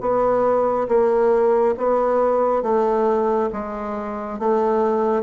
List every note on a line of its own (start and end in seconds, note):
0.00 0.87 B3
0.88 1.75 A#3
1.77 2.62 B3
2.62 3.49 A3
3.53 4.39 G#3
4.39 5.22 A3